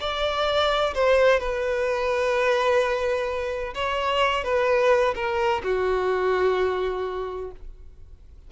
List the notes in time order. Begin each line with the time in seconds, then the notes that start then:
0.00 D5
0.94 C5
1.40 B4
3.74 C#5
4.44 B4
5.15 A#4
5.64 F#4